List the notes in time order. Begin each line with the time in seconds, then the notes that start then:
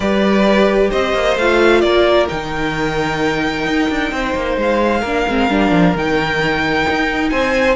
0.00 G3 G4 B4 D5
0.90 C4 C5 D#5
1.13 A#3
1.36 A3 F4 F5
1.80 A#3 A#4 D5
2.27 D#3 D#4 G5
3.65 D#4
3.89 D4
4.11 C4 C5
4.34 A#3
4.56 G#3 F5
5.00 A#3 D4 A#4
5.27 G#3 C4
5.49 G3 D4
5.71 F3
5.94 D#3 D#4 G5
6.89 D#4
7.29 C4 C5 G#5